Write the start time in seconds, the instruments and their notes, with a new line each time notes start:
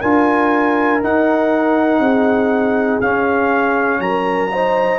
0.00 tuba D4, trombone F4, horn A#4, trumpet G#5
1.02 trombone D#4, tuba D#4, trumpet F#5
1.99 tuba C4, horn G#4
3.01 tuba C#4, trombone C#4, trumpet F5
3.99 tuba F#3, horn A#4, trumpet A#5
4.52 trombone D#4, horn C5